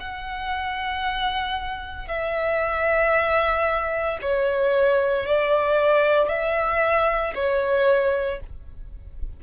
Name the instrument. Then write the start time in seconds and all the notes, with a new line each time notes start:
violin
0.00 F#5
2.08 E5
4.22 C#5
5.26 D5
6.29 E5
7.35 C#5